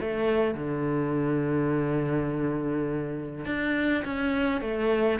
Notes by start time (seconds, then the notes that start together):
0.00 A3
0.54 D3
3.45 D4
4.04 C#4
4.61 A3